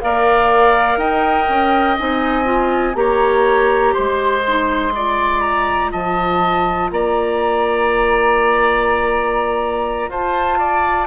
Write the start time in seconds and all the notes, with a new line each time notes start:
0.00 A#3 A#4 D5 F5
0.96 D#4 D#5 G5
1.49 C#4
1.99 C4 D#4 G#5
2.44 F4
2.94 A#3 G4 C#5 A#5
3.93 G#3 C5 C6
4.47 D#4
4.90 F4 D5
5.40 A#5
5.91 F3 D#5 A5
6.90 A#3 D5 A#5
10.08 F4 C5 A5
10.58 D5